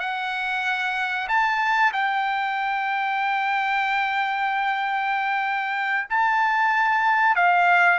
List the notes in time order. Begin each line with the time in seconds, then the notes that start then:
0.00 F#5
1.29 A5
1.93 G5
6.10 A5
7.36 F5